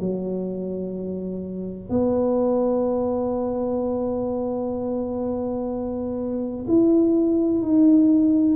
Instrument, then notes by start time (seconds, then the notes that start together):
tuba
0.00 F#3
1.89 B3
6.67 E4
7.61 D#4